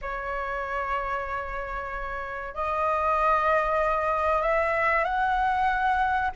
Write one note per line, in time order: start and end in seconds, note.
0.01 2.54 C#5
2.54 4.42 D#5
4.42 5.04 E5
5.04 6.30 F#5